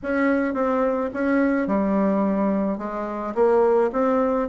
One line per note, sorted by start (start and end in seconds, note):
0.02 0.54 C#4
0.54 1.10 C4
1.13 1.67 C#4
1.67 2.78 G3
2.78 3.34 G#3
3.34 3.90 A#3
3.92 4.48 C4